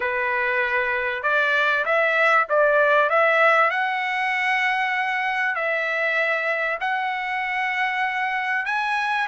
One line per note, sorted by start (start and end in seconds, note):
0.00 1.22 B4
1.22 1.84 D5
1.85 2.47 E5
2.49 3.09 D5
3.09 3.70 E5
3.70 5.55 F#5
5.55 6.78 E5
6.80 8.65 F#5
8.65 9.27 G#5